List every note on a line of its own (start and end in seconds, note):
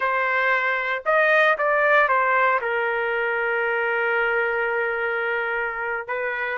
0.00 1.03 C5
1.05 1.57 D#5
1.58 2.08 D5
2.08 2.60 C5
2.61 6.07 A#4
6.07 6.58 B4